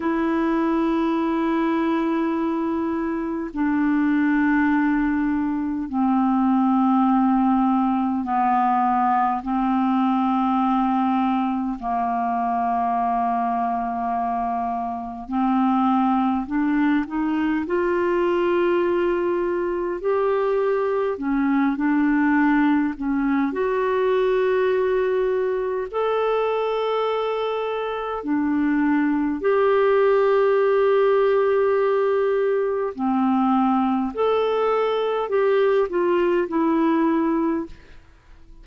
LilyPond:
\new Staff \with { instrumentName = "clarinet" } { \time 4/4 \tempo 4 = 51 e'2. d'4~ | d'4 c'2 b4 | c'2 ais2~ | ais4 c'4 d'8 dis'8 f'4~ |
f'4 g'4 cis'8 d'4 cis'8 | fis'2 a'2 | d'4 g'2. | c'4 a'4 g'8 f'8 e'4 | }